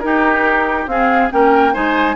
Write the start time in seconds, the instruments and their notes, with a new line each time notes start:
0.00 clarinet D#4, bassoon D#4, oboe G4, flute A#4
0.87 bassoon C4, clarinet C4, oboe G#4, flute F5
1.31 bassoon A#3, clarinet C#4, oboe A#4, flute G5
1.73 bassoon G#3, clarinet D#4, oboe C5, flute G#5